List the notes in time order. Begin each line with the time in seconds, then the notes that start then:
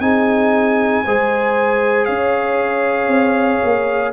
0.00 C4 D#4 G#4 G#5
1.05 G#3 G#4 C5
2.06 C#4 C#5 F5
3.08 C4
3.64 A#3